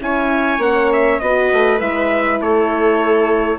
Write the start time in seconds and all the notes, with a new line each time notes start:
0.00 C#4 E4 C#5 G#5
0.59 A#3 C#4 F#5
0.93 E5
1.20 B3 F#4 B4 D#5
1.53 A3
1.79 G#3 E4 E5
2.40 A3 A4 C#5